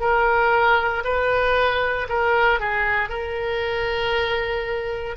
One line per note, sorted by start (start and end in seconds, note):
0.00 1.03 A#4
1.04 2.08 B4
2.09 2.60 A#4
2.60 3.09 G#4
3.09 5.16 A#4